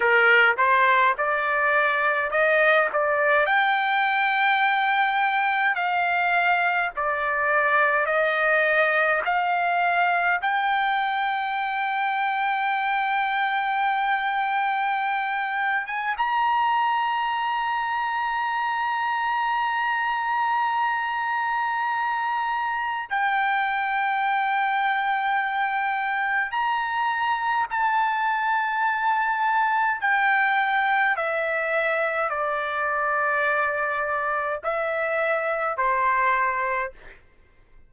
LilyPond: \new Staff \with { instrumentName = "trumpet" } { \time 4/4 \tempo 4 = 52 ais'8 c''8 d''4 dis''8 d''8 g''4~ | g''4 f''4 d''4 dis''4 | f''4 g''2.~ | g''4.~ g''16 gis''16 ais''2~ |
ais''1 | g''2. ais''4 | a''2 g''4 e''4 | d''2 e''4 c''4 | }